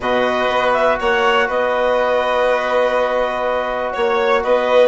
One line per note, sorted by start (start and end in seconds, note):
0.00 0.47 B2
0.00 4.87 F#4
0.00 0.99 B4
0.00 0.72 D#5
0.48 0.97 B3
0.72 0.97 E5
1.00 1.48 A#3
1.00 1.47 C#5
1.00 1.49 F#5
1.47 3.94 B3
1.47 3.93 B4
1.47 3.92 D#5
3.92 4.44 A#3
3.92 4.41 C#5
3.92 4.42 C#5
4.43 4.87 B3
4.43 4.87 B4
4.43 4.87 D#5